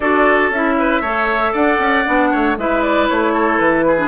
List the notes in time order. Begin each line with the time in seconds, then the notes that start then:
0.00 D4 F#4 A4 D5
0.49 C#4 E4 E5
0.78 B4
1.01 A3 A4 C#5
1.52 D4 D5 F#5
1.78 C#4
2.05 B3 D4
2.31 A3 C#5
2.57 G#3 E4 B4 E5
2.81 D5
3.08 A3 C#5
3.33 A4
3.58 E3 B4
3.87 G#4
3.97 D4